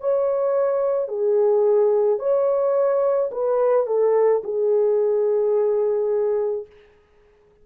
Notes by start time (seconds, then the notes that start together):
0.00 C#5
1.08 G#4
2.19 C#5
3.31 B4
3.86 A4
4.43 G#4